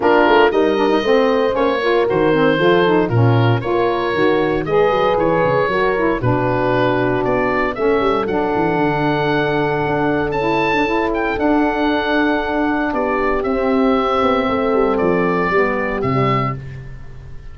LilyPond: <<
  \new Staff \with { instrumentName = "oboe" } { \time 4/4 \tempo 4 = 116 ais'4 dis''2 cis''4 | c''2 ais'4 cis''4~ | cis''4 dis''4 cis''2 | b'2 d''4 e''4 |
fis''1 | a''4. g''8 fis''2~ | fis''4 d''4 e''2~ | e''4 d''2 e''4 | }
  \new Staff \with { instrumentName = "horn" } { \time 4/4 f'4 ais'4 c''4. ais'8~ | ais'4 a'4 f'4 ais'4~ | ais'4 b'2 ais'4 | fis'2. a'4~ |
a'1~ | a'1~ | a'4 g'2. | a'2 g'2 | }
  \new Staff \with { instrumentName = "saxophone" } { \time 4/4 d'4 dis'8 d'16 dis'16 c'4 cis'8 f'8 | fis'8 c'8 f'8 dis'8 cis'4 f'4 | fis'4 gis'2 fis'8 e'8 | d'2. cis'4 |
d'1 | e'8. d'16 e'4 d'2~ | d'2 c'2~ | c'2 b4 g4 | }
  \new Staff \with { instrumentName = "tuba" } { \time 4/4 ais8 a8 g4 a4 ais4 | dis4 f4 ais,4 ais4 | dis4 gis8 fis8 e8 cis8 fis4 | b,2 b4 a8 g8 |
fis8 e8 d2 d'4 | cis'2 d'2~ | d'4 b4 c'4. b8 | a8 g8 f4 g4 c4 | }
>>